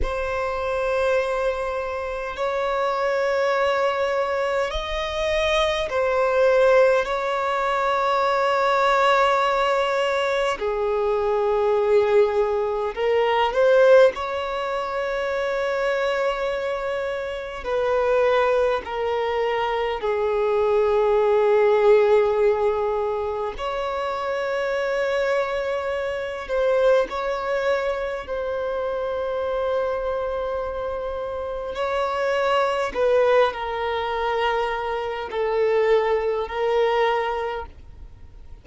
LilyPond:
\new Staff \with { instrumentName = "violin" } { \time 4/4 \tempo 4 = 51 c''2 cis''2 | dis''4 c''4 cis''2~ | cis''4 gis'2 ais'8 c''8 | cis''2. b'4 |
ais'4 gis'2. | cis''2~ cis''8 c''8 cis''4 | c''2. cis''4 | b'8 ais'4. a'4 ais'4 | }